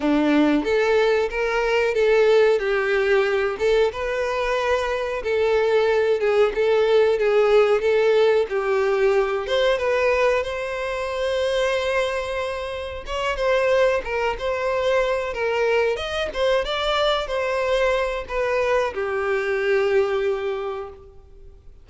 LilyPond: \new Staff \with { instrumentName = "violin" } { \time 4/4 \tempo 4 = 92 d'4 a'4 ais'4 a'4 | g'4. a'8 b'2 | a'4. gis'8 a'4 gis'4 | a'4 g'4. c''8 b'4 |
c''1 | cis''8 c''4 ais'8 c''4. ais'8~ | ais'8 dis''8 c''8 d''4 c''4. | b'4 g'2. | }